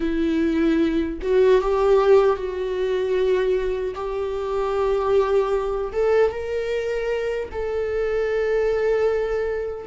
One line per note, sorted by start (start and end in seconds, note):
0.00 1.18 E4
1.22 1.61 F#4
1.61 2.36 G4
2.36 3.94 F#4
3.94 5.92 G4
5.92 6.31 A4
6.31 7.49 A#4
7.51 9.87 A4